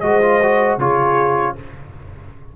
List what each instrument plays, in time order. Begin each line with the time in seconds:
0.00 tuba G#3, trombone F#4, horn C5, trumpet D#5
0.22 trombone F4
0.42 trombone F#4
0.77 tuba C#3, trombone F4, horn G#4, trumpet C#5